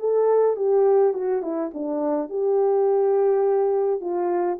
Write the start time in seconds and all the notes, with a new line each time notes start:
0.00 A4
0.57 G4
1.14 F#4
1.43 E4
1.74 D4
2.30 G4
4.01 F4